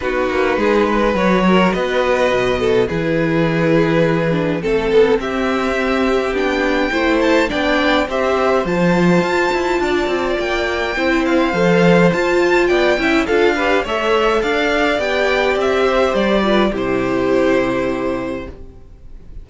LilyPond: <<
  \new Staff \with { instrumentName = "violin" } { \time 4/4 \tempo 4 = 104 b'2 cis''4 dis''4~ | dis''4 b'2. | a'4 e''2 g''4~ | g''8 a''8 g''4 e''4 a''4~ |
a''2 g''4. f''8~ | f''4 a''4 g''4 f''4 | e''4 f''4 g''4 e''4 | d''4 c''2. | }
  \new Staff \with { instrumentName = "violin" } { \time 4/4 fis'4 gis'8 b'4 ais'8 b'4~ | b'8 a'8 gis'2. | a'4 g'2. | c''4 d''4 c''2~ |
c''4 d''2 c''4~ | c''2 d''8 e''8 a'8 b'8 | cis''4 d''2~ d''8 c''8~ | c''8 b'8 g'2. | }
  \new Staff \with { instrumentName = "viola" } { \time 4/4 dis'2 fis'2~ | fis'4 e'2~ e'8 d'8 | c'2. d'4 | e'4 d'4 g'4 f'4~ |
f'2. e'4 | a'4 f'4. e'8 f'8 g'8 | a'2 g'2~ | g'8 f'8 e'2. | }
  \new Staff \with { instrumentName = "cello" } { \time 4/4 b8 ais8 gis4 fis4 b4 | b,4 e2. | a8 b8 c'2 b4 | a4 b4 c'4 f4 |
f'8 e'8 d'8 c'8 ais4 c'4 | f4 f'4 b8 cis'8 d'4 | a4 d'4 b4 c'4 | g4 c2. | }
>>